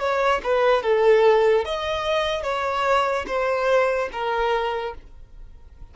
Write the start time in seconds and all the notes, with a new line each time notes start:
0.00 C#5
0.43 B4
0.83 A4
1.65 D#5
2.43 C#5
3.27 C5
4.12 A#4